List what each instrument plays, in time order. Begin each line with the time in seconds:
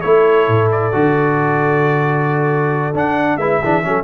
0.00 tuba A3, trombone E4, horn A4, trumpet C#5
0.48 tuba A2
0.71 trumpet D5
0.92 tuba D3, trombone F#4
2.94 tuba D4, trombone D4, trumpet F#5
3.37 tuba G#3, trombone E4, horn B4, trumpet E5
3.60 tuba E3, trombone D4, horn G#4
3.83 tuba F#3, trombone C#4, horn A4